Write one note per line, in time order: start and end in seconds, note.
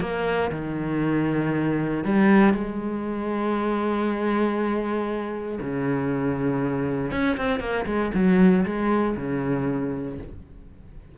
0.00 0.51 A#3
0.51 2.04 D#3
2.04 2.54 G3
2.54 5.59 G#3
5.60 7.11 C#3
7.11 7.37 C#4
7.37 7.59 C4
7.59 7.85 A#3
7.86 8.11 G#3
8.14 8.65 F#3
8.65 9.16 G#3
9.16 10.18 C#3